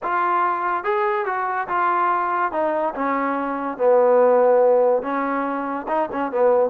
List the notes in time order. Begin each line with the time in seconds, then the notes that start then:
0.02 F4
0.84 G#4
1.25 F#4
1.68 F4
2.52 D#4
2.95 C#4
3.77 B3
5.02 C#4
5.88 D#4
6.12 C#4
6.31 B3